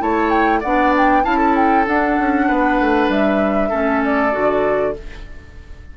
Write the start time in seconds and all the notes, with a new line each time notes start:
0.00 A3 E4 C#5 A5
0.31 G5
0.60 B3 D4 D5 F#5
0.98 G5
1.24 C#4 E4 F5 A5
1.38 A4
1.56 G5
1.88 D4 F#5
2.20 C#4
2.48 B3 B4
2.80 A3
3.09 G3 E5
3.70 A3 C#4 A4
4.05 D5
4.32 D3 F#4